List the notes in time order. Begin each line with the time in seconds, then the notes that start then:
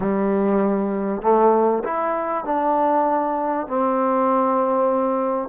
0.00 G3
1.21 A3
1.83 E4
2.44 D4
3.67 C4